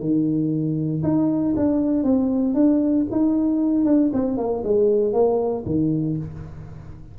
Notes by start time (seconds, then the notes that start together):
0.00 D#3
1.03 D#4
1.57 D4
2.04 C4
2.55 D4
3.12 D#4
3.85 D4
4.13 C4
4.38 A#3
4.64 G#3
5.14 A#3
5.66 D#3